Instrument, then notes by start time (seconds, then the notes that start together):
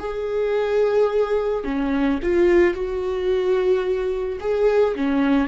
viola
0.00 G#4
1.65 C#4
2.23 F4
2.74 F#4
4.41 G#4
4.96 C#4